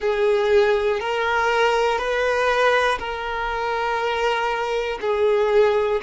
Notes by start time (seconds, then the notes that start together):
0.00 G#4
1.00 A#4
1.98 B4
2.99 A#4
5.00 G#4